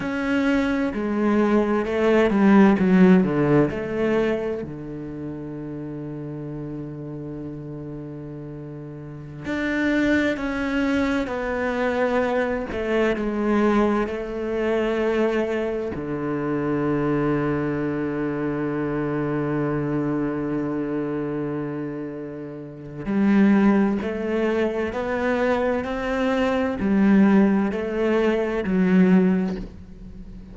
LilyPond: \new Staff \with { instrumentName = "cello" } { \time 4/4 \tempo 4 = 65 cis'4 gis4 a8 g8 fis8 d8 | a4 d2.~ | d2~ d16 d'4 cis'8.~ | cis'16 b4. a8 gis4 a8.~ |
a4~ a16 d2~ d8.~ | d1~ | d4 g4 a4 b4 | c'4 g4 a4 fis4 | }